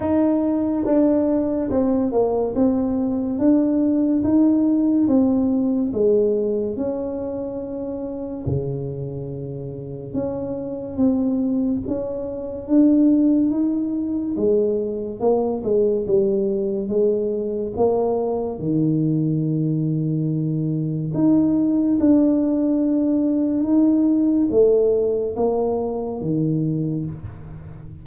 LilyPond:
\new Staff \with { instrumentName = "tuba" } { \time 4/4 \tempo 4 = 71 dis'4 d'4 c'8 ais8 c'4 | d'4 dis'4 c'4 gis4 | cis'2 cis2 | cis'4 c'4 cis'4 d'4 |
dis'4 gis4 ais8 gis8 g4 | gis4 ais4 dis2~ | dis4 dis'4 d'2 | dis'4 a4 ais4 dis4 | }